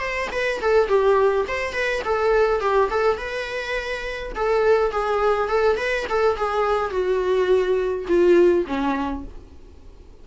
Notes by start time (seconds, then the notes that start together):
0.00 C5
0.32 B4
0.61 A4
0.88 G4
1.48 C5
1.74 B4
2.05 A4
2.61 G4
2.91 A4
3.18 B4
4.36 A4
4.92 G#4
5.49 A4
5.77 B4
6.10 A4
6.36 G#4
6.91 F#4
8.08 F4
8.67 C#4